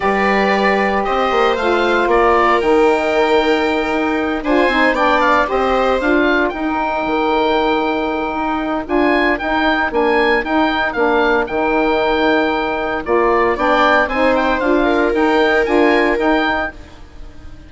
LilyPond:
<<
  \new Staff \with { instrumentName = "oboe" } { \time 4/4 \tempo 4 = 115 d''2 dis''4 f''4 | d''4 g''2.~ | g''8 gis''4 g''8 f''8 dis''4 f''8~ | f''8 g''2.~ g''8~ |
g''4 gis''4 g''4 gis''4 | g''4 f''4 g''2~ | g''4 d''4 g''4 gis''8 g''8 | f''4 g''4 gis''4 g''4 | }
  \new Staff \with { instrumentName = "viola" } { \time 4/4 b'2 c''2 | ais'1~ | ais'8 c''4 d''4 c''4. | ais'1~ |
ais'1~ | ais'1~ | ais'2 d''4 c''4~ | c''8 ais'2.~ ais'8 | }
  \new Staff \with { instrumentName = "saxophone" } { \time 4/4 g'2. f'4~ | f'4 dis'2.~ | dis'8 f'8 dis'8 d'4 g'4 f'8~ | f'8 dis'2.~ dis'8~ |
dis'4 f'4 dis'4 d'4 | dis'4 d'4 dis'2~ | dis'4 f'4 d'4 dis'4 | f'4 dis'4 f'4 dis'4 | }
  \new Staff \with { instrumentName = "bassoon" } { \time 4/4 g2 c'8 ais8 a4 | ais4 dis2~ dis8 dis'8~ | dis'8 d'8 c'8 b4 c'4 d'8~ | d'8 dis'4 dis2~ dis8 |
dis'4 d'4 dis'4 ais4 | dis'4 ais4 dis2~ | dis4 ais4 b4 c'4 | d'4 dis'4 d'4 dis'4 | }
>>